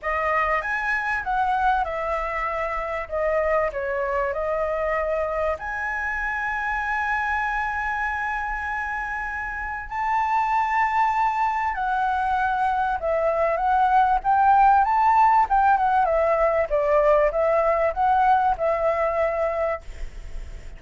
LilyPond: \new Staff \with { instrumentName = "flute" } { \time 4/4 \tempo 4 = 97 dis''4 gis''4 fis''4 e''4~ | e''4 dis''4 cis''4 dis''4~ | dis''4 gis''2.~ | gis''1 |
a''2. fis''4~ | fis''4 e''4 fis''4 g''4 | a''4 g''8 fis''8 e''4 d''4 | e''4 fis''4 e''2 | }